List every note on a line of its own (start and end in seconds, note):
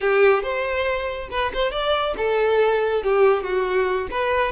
0.00 0.42 G4
0.42 1.29 C5
1.30 1.52 B4
1.53 1.71 C5
1.71 2.14 D5
2.17 3.03 A4
3.03 3.43 G4
3.43 4.08 F#4
4.10 4.52 B4